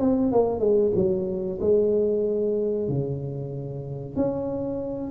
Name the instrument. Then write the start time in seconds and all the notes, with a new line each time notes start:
tuba
0.00 C4
0.32 A#3
0.59 G#3
0.95 F#3
1.61 G#3
2.88 C#3
4.16 C#4